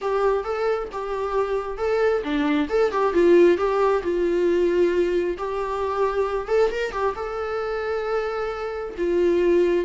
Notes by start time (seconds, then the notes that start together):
0.01 G4
0.44 A4
0.92 G4
1.77 A4
2.23 D4
2.69 A4
2.91 G4
3.13 F4
3.57 G4
4.02 F4
5.37 G4
6.48 A4
6.70 A#4
6.92 G4
7.15 A4
8.97 F4